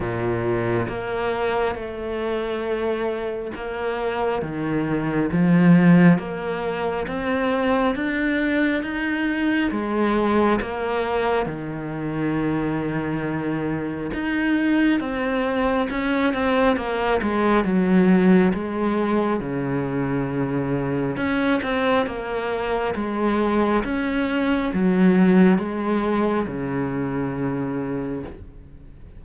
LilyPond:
\new Staff \with { instrumentName = "cello" } { \time 4/4 \tempo 4 = 68 ais,4 ais4 a2 | ais4 dis4 f4 ais4 | c'4 d'4 dis'4 gis4 | ais4 dis2. |
dis'4 c'4 cis'8 c'8 ais8 gis8 | fis4 gis4 cis2 | cis'8 c'8 ais4 gis4 cis'4 | fis4 gis4 cis2 | }